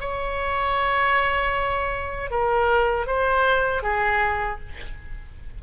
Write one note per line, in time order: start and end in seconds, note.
0.00 2.30 C#5
2.30 3.07 A#4
3.07 3.82 C5
3.82 4.59 G#4